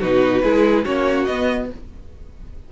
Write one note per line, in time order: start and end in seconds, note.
0.00 0.43 B2
0.00 0.43 D#4
0.00 0.42 F#4
0.00 0.85 B4
0.43 0.85 G#3
0.43 0.85 E4
0.43 0.84 G#4
0.84 1.28 A#3
0.84 1.27 C#4
0.84 1.69 F#4
0.84 1.24 C#5
1.24 1.70 B3
1.24 1.72 B3
1.24 1.67 D#5